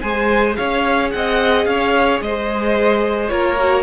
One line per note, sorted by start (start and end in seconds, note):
0.00 0.57 G#3
0.00 3.28 G#4
0.00 0.56 C5
0.00 0.55 G#5
0.55 1.13 C#4
0.55 1.11 C#5
0.55 1.10 F5
1.10 1.66 C4
1.10 1.69 D#5
1.10 1.65 F#5
1.65 2.20 C#4
1.65 2.23 C#5
1.65 2.19 F5
2.21 3.30 G#3
2.21 3.31 C5
2.21 3.28 D#5
3.28 3.83 A#3
3.28 3.55 F4
3.28 3.83 A#4
3.28 3.83 C#5
3.59 3.83 F#4